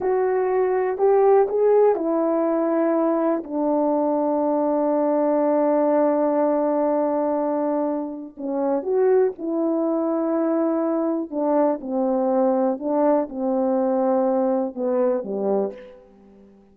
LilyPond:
\new Staff \with { instrumentName = "horn" } { \time 4/4 \tempo 4 = 122 fis'2 g'4 gis'4 | e'2. d'4~ | d'1~ | d'1~ |
d'4 cis'4 fis'4 e'4~ | e'2. d'4 | c'2 d'4 c'4~ | c'2 b4 g4 | }